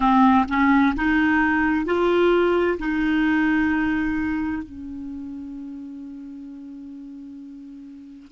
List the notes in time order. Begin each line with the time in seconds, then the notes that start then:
0.00 C4
0.48 C#4
0.96 D#4
1.85 F4
2.79 D#4
4.62 C#4